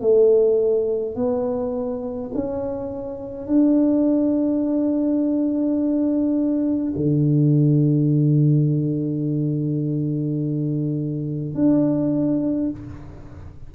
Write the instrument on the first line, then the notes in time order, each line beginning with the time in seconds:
tuba
0.00 A3
1.15 B3
2.34 C#4
3.47 D4
6.96 D3
11.54 D4